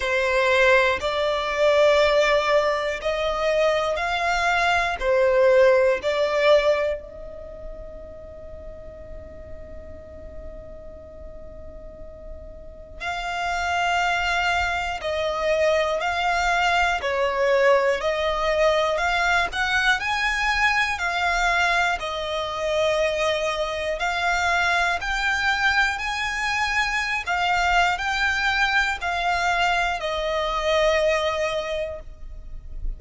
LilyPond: \new Staff \with { instrumentName = "violin" } { \time 4/4 \tempo 4 = 60 c''4 d''2 dis''4 | f''4 c''4 d''4 dis''4~ | dis''1~ | dis''4 f''2 dis''4 |
f''4 cis''4 dis''4 f''8 fis''8 | gis''4 f''4 dis''2 | f''4 g''4 gis''4~ gis''16 f''8. | g''4 f''4 dis''2 | }